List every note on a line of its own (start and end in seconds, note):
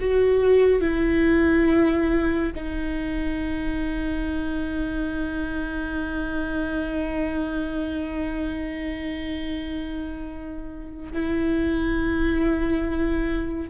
0.00 0.81 F#4
0.81 2.52 E4
2.56 11.13 D#4
11.13 13.70 E4